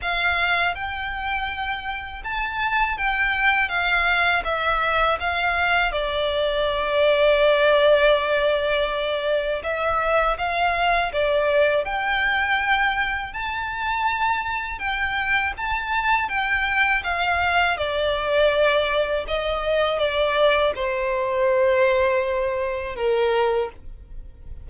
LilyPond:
\new Staff \with { instrumentName = "violin" } { \time 4/4 \tempo 4 = 81 f''4 g''2 a''4 | g''4 f''4 e''4 f''4 | d''1~ | d''4 e''4 f''4 d''4 |
g''2 a''2 | g''4 a''4 g''4 f''4 | d''2 dis''4 d''4 | c''2. ais'4 | }